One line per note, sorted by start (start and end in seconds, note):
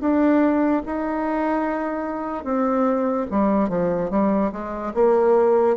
0.00 0.82 D4
0.86 2.44 D#4
2.44 3.26 C4
3.31 3.69 G3
3.69 4.10 F3
4.10 4.51 G3
4.52 4.93 G#3
4.94 5.76 A#3